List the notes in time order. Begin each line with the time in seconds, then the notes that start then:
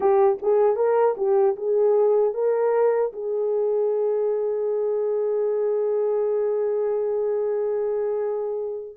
0.00 G4
0.42 G#4
0.76 A#4
1.17 G4
1.56 G#4
2.34 A#4
3.12 G#4